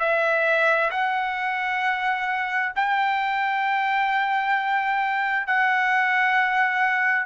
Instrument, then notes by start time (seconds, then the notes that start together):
trumpet
0.00 E5
0.91 F#5
2.76 G5
5.47 F#5